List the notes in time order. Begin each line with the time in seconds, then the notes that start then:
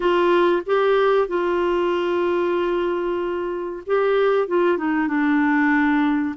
0.00 F4
0.66 G4
1.27 F4
3.86 G4
4.47 F4
4.77 D#4
5.07 D4